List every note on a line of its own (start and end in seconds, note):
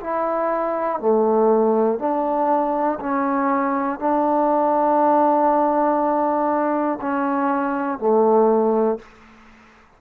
0.00 0.99 E4
0.99 1.98 A3
1.98 2.98 D4
3.00 3.99 C#4
3.99 6.99 D4
7.00 7.98 C#4
7.98 8.98 A3